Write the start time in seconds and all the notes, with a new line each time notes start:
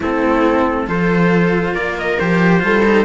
0.00 A3 C4 E4 A4
0.86 F3 F4 A4 C5
1.73 A#3 A#4 D5
1.98 D#5
2.19 F3 G4 C5
2.59 G3 F4 A4
2.84 D#4